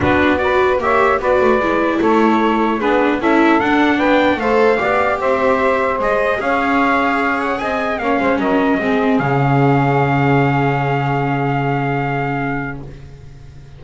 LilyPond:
<<
  \new Staff \with { instrumentName = "trumpet" } { \time 4/4 \tempo 4 = 150 b'4 d''4 e''4 d''4~ | d''4 cis''2 b'4 | e''4 fis''4 g''4 f''4~ | f''4 e''2 dis''4 |
f''2~ f''8 fis''8 gis''4 | f''4 dis''2 f''4~ | f''1~ | f''1 | }
  \new Staff \with { instrumentName = "saxophone" } { \time 4/4 fis'4 b'4 cis''4 b'4~ | b'4 a'2 gis'4 | a'2 b'4 c''4 | d''4 c''2. |
cis''2. dis''4 | cis''8 c''8 ais'4 gis'2~ | gis'1~ | gis'1 | }
  \new Staff \with { instrumentName = "viola" } { \time 4/4 d'4 fis'4 g'4 fis'4 | e'2. d'4 | e'4 d'2 a'4 | g'2. gis'4~ |
gis'1 | cis'2 c'4 cis'4~ | cis'1~ | cis'1 | }
  \new Staff \with { instrumentName = "double bass" } { \time 4/4 b2 ais4 b8 a8 | gis4 a2 b4 | cis'4 d'4 b4 a4 | b4 c'2 gis4 |
cis'2. c'4 | ais8 gis8 fis4 gis4 cis4~ | cis1~ | cis1 | }
>>